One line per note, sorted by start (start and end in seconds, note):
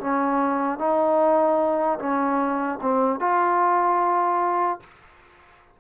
0.00 0.78 C#4
0.78 1.98 D#4
1.99 2.79 C#4
2.81 3.20 C4
3.20 4.80 F4